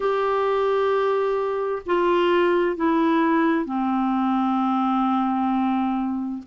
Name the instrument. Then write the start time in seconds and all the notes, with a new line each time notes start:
clarinet
0.00 G4
1.85 F4
2.76 E4
3.65 C4